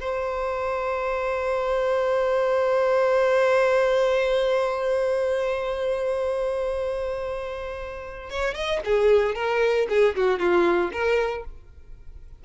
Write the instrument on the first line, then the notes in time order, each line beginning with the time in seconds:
violin
0.00 C5
8.30 C#5
8.54 D#5
8.85 G#4
9.35 A#4
9.89 G#4
10.15 F#4
10.39 F4
10.92 A#4